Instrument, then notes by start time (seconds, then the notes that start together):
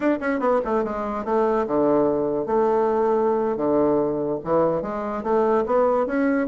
bassoon
0.00 D4
0.20 C#4
0.39 B3
0.64 A3
0.84 G#3
1.25 A3
1.66 D3
2.45 A3
3.56 D3
4.43 E3
4.82 G#3
5.23 A3
5.66 B3
6.06 C#4